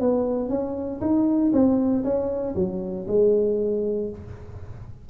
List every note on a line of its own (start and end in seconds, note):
0.00 0.49 B3
0.49 1.00 C#4
1.01 1.52 D#4
1.53 2.04 C4
2.04 2.55 C#4
2.55 3.06 F#3
3.08 4.09 G#3